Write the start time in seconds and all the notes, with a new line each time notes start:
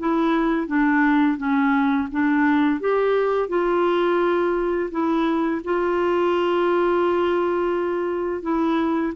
0.00 E4
0.68 D4
1.38 C#4
2.12 D4
2.81 G4
3.49 F4
4.92 E4
5.65 F4
8.43 E4